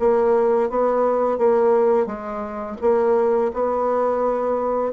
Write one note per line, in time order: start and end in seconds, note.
0.00 0.70 A#3
0.70 1.38 B3
1.38 2.07 A#3
2.07 2.77 G#3
2.81 3.52 A#3
3.54 4.93 B3